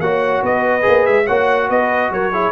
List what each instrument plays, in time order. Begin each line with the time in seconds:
0.00 tuba A#3, trombone F#4, horn C#5, trumpet F#5
0.43 tuba B3, horn B4, trumpet D#5
0.82 tuba A#3, trombone G#4
1.06 tuba G#3, trumpet E5
1.25 tuba A#3, trombone F#4, horn C#5, trumpet F#5
1.69 tuba B3, horn B4, trumpet D#5
2.11 tuba F#3, horn A#4, trumpet C#5
2.32 trombone E4, horn G#4